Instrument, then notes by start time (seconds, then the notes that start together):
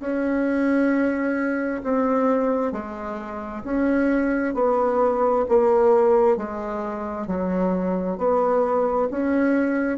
bassoon
0.00 C#4
1.83 C4
2.72 G#3
3.64 C#4
4.55 B3
5.48 A#3
6.37 G#3
7.27 F#3
8.18 B3
9.11 C#4